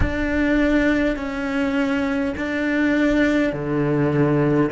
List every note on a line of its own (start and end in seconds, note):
0.00 1.16 D4
1.16 2.34 C#4
2.37 3.52 D4
3.52 4.70 D3